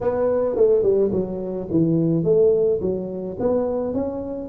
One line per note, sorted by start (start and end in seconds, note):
0.01 0.55 B3
0.55 0.82 A3
0.82 1.10 G3
1.12 1.68 F#3
1.70 2.24 E3
2.24 2.80 A3
2.81 3.37 F#3
3.39 3.94 B3
3.94 4.48 C#4